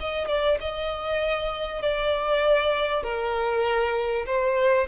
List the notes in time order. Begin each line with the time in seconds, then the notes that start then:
0.00 D#5
0.28 D5
0.60 D#5
1.82 D5
3.03 A#4
4.26 C5